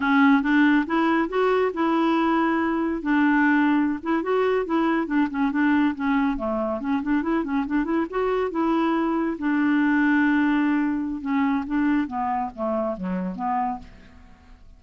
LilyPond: \new Staff \with { instrumentName = "clarinet" } { \time 4/4 \tempo 4 = 139 cis'4 d'4 e'4 fis'4 | e'2. d'4~ | d'4~ d'16 e'8 fis'4 e'4 d'16~ | d'16 cis'8 d'4 cis'4 a4 cis'16~ |
cis'16 d'8 e'8 cis'8 d'8 e'8 fis'4 e'16~ | e'4.~ e'16 d'2~ d'16~ | d'2 cis'4 d'4 | b4 a4 fis4 b4 | }